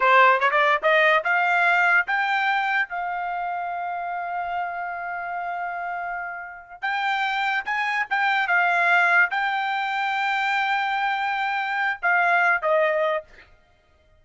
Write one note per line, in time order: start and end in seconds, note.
0.00 0.39 C5
0.40 0.50 C#5
0.50 0.81 D5
0.82 1.23 D#5
1.24 2.07 F5
2.07 2.89 G5
2.89 6.81 F5
6.81 7.64 G5
7.65 8.06 G#5
8.10 8.47 G5
8.47 9.30 F5
9.30 11.99 G5
12.02 12.62 F5
12.62 13.24 D#5